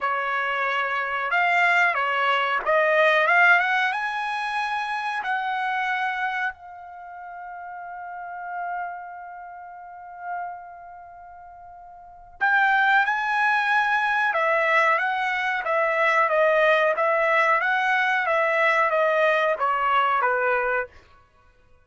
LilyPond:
\new Staff \with { instrumentName = "trumpet" } { \time 4/4 \tempo 4 = 92 cis''2 f''4 cis''4 | dis''4 f''8 fis''8 gis''2 | fis''2 f''2~ | f''1~ |
f''2. g''4 | gis''2 e''4 fis''4 | e''4 dis''4 e''4 fis''4 | e''4 dis''4 cis''4 b'4 | }